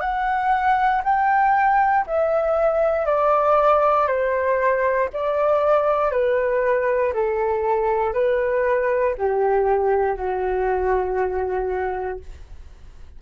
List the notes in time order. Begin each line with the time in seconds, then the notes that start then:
0.00 F#5
1.04 G5
2.07 E5
3.06 D5
4.07 C5
5.13 D5
6.12 B4
7.14 A4
8.14 B4
9.18 G4
10.16 F#4